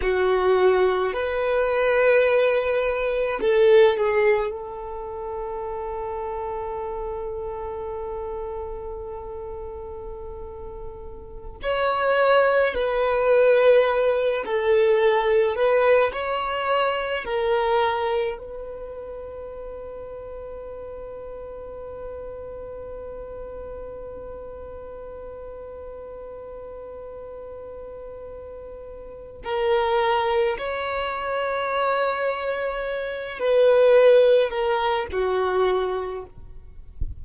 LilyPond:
\new Staff \with { instrumentName = "violin" } { \time 4/4 \tempo 4 = 53 fis'4 b'2 a'8 gis'8 | a'1~ | a'2~ a'16 cis''4 b'8.~ | b'8. a'4 b'8 cis''4 ais'8.~ |
ais'16 b'2.~ b'8.~ | b'1~ | b'2 ais'4 cis''4~ | cis''4. b'4 ais'8 fis'4 | }